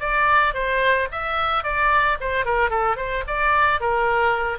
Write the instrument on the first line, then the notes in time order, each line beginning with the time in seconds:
oboe
0.00 D5
0.54 C5
1.12 E5
1.64 D5
2.20 C5
2.45 A#4
2.70 A4
2.97 C5
3.28 D5
3.81 A#4